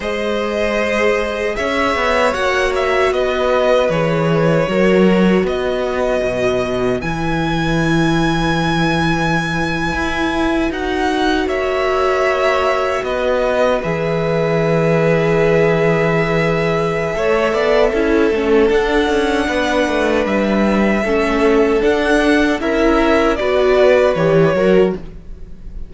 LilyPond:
<<
  \new Staff \with { instrumentName = "violin" } { \time 4/4 \tempo 4 = 77 dis''2 e''4 fis''8 e''8 | dis''4 cis''2 dis''4~ | dis''4 gis''2.~ | gis''4.~ gis''16 fis''4 e''4~ e''16~ |
e''8. dis''4 e''2~ e''16~ | e''1 | fis''2 e''2 | fis''4 e''4 d''4 cis''4 | }
  \new Staff \with { instrumentName = "violin" } { \time 4/4 c''2 cis''2 | b'2 ais'4 b'4~ | b'1~ | b'2~ b'8. cis''4~ cis''16~ |
cis''8. b'2.~ b'16~ | b'2 cis''8 d''8 a'4~ | a'4 b'2 a'4~ | a'4 ais'4 b'4. ais'8 | }
  \new Staff \with { instrumentName = "viola" } { \time 4/4 gis'2. fis'4~ | fis'4 gis'4 fis'2~ | fis'4 e'2.~ | e'4.~ e'16 fis'2~ fis'16~ |
fis'4.~ fis'16 gis'2~ gis'16~ | gis'2 a'4 e'8 cis'8 | d'2. cis'4 | d'4 e'4 fis'4 g'8 fis'8 | }
  \new Staff \with { instrumentName = "cello" } { \time 4/4 gis2 cis'8 b8 ais4 | b4 e4 fis4 b4 | b,4 e2.~ | e8. e'4 dis'4 ais4~ ais16~ |
ais8. b4 e2~ e16~ | e2 a8 b8 cis'8 a8 | d'8 cis'8 b8 a8 g4 a4 | d'4 cis'4 b4 e8 fis8 | }
>>